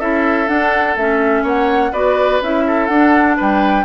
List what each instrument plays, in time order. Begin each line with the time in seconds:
0.00 bassoon C#4, clarinet E4, oboe A4, flute E5
0.48 clarinet D4, bassoon D4, flute F#5
0.97 bassoon A3, clarinet C#4, flute E5
1.43 bassoon A#3, oboe C#5, flute F#5
1.92 bassoon B3, clarinet F#4, oboe B4, flute D5
2.42 bassoon C#4, clarinet E4, flute E5
2.67 oboe A4
2.87 bassoon D4, clarinet D4, flute F#5
3.37 bassoon G3, oboe B4, flute G5